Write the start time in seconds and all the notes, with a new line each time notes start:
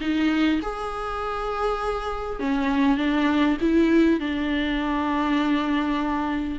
0.00 D#4
0.62 G#4
2.39 C#4
2.97 D4
3.60 E4
4.20 D4